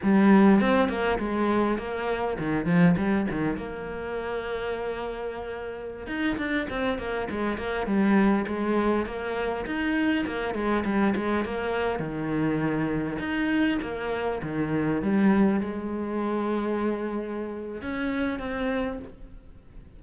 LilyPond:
\new Staff \with { instrumentName = "cello" } { \time 4/4 \tempo 4 = 101 g4 c'8 ais8 gis4 ais4 | dis8 f8 g8 dis8 ais2~ | ais2~ ais16 dis'8 d'8 c'8 ais16~ | ais16 gis8 ais8 g4 gis4 ais8.~ |
ais16 dis'4 ais8 gis8 g8 gis8 ais8.~ | ais16 dis2 dis'4 ais8.~ | ais16 dis4 g4 gis4.~ gis16~ | gis2 cis'4 c'4 | }